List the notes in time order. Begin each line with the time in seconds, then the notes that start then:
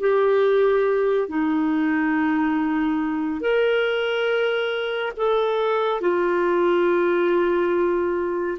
0.00 G4
1.29 D#4
3.41 A#4
5.17 A4
6.01 F4